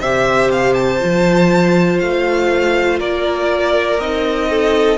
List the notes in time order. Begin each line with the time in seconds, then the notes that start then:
0.00 C3 G4 C5 E5
0.51 F5
0.74 A5
1.00 F3 F4
1.99 A3 F5
2.99 A#3 A#4 D5
3.99 C4 D#4 D#5
4.50 A4